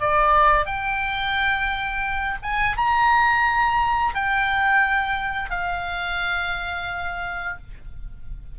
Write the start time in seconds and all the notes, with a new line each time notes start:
0.00 D5
0.66 G5
2.43 G#5
2.77 A#5
4.14 G5
5.50 F5